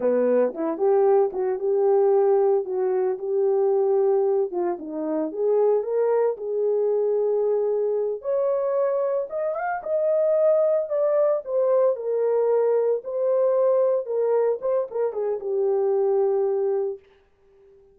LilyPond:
\new Staff \with { instrumentName = "horn" } { \time 4/4 \tempo 4 = 113 b4 e'8 g'4 fis'8 g'4~ | g'4 fis'4 g'2~ | g'8 f'8 dis'4 gis'4 ais'4 | gis'2.~ gis'8 cis''8~ |
cis''4. dis''8 f''8 dis''4.~ | dis''8 d''4 c''4 ais'4.~ | ais'8 c''2 ais'4 c''8 | ais'8 gis'8 g'2. | }